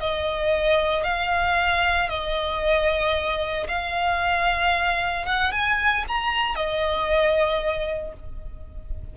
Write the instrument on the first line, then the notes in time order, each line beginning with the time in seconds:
violin
0.00 D#5
1.04 F5
2.09 D#5
3.68 F5
5.26 F#5
5.52 G#5
6.08 A#5
6.56 D#5